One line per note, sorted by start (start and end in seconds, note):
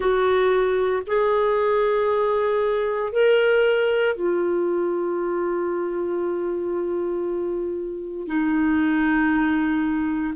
0.00 1.03 F#4
1.06 3.12 G#4
3.12 4.16 A#4
4.16 8.27 F4
8.27 10.34 D#4